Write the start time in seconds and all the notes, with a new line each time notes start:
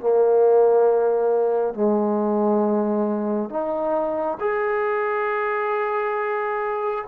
0.00 A#3
1.74 G#3
3.50 D#4
4.40 G#4